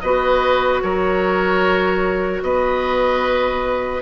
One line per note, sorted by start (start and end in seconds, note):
0.00 0.82 B3
0.00 4.02 F#4
0.00 0.83 B4
0.00 0.80 D#5
0.82 2.42 F#3
0.82 2.43 A#4
0.82 2.42 C#5
2.42 4.02 B3
2.42 4.02 B4
2.42 4.02 D#5